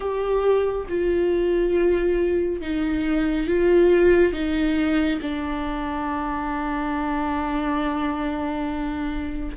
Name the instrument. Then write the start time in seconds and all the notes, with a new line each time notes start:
viola
0.00 G4
0.89 F4
2.61 D#4
3.47 F4
4.32 D#4
5.21 D4